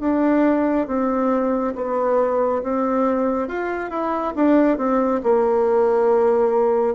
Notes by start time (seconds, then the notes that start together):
0.00 D4
0.87 C4
1.75 B3
2.63 C4
3.48 F4
3.90 E4
4.35 D4
4.77 C4
5.23 A#3